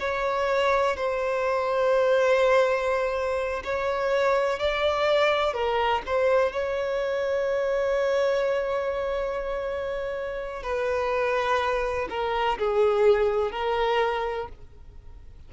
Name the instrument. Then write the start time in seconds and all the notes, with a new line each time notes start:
violin
0.00 C#5
0.97 C5
3.64 C#5
4.60 D5
5.54 A#4
6.07 C5
6.53 C#5
10.63 B4
12.10 A#4
12.59 G#4
13.52 A#4